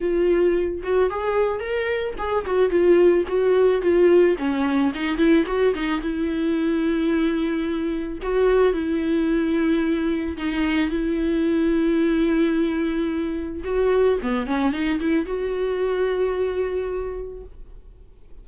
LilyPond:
\new Staff \with { instrumentName = "viola" } { \time 4/4 \tempo 4 = 110 f'4. fis'8 gis'4 ais'4 | gis'8 fis'8 f'4 fis'4 f'4 | cis'4 dis'8 e'8 fis'8 dis'8 e'4~ | e'2. fis'4 |
e'2. dis'4 | e'1~ | e'4 fis'4 b8 cis'8 dis'8 e'8 | fis'1 | }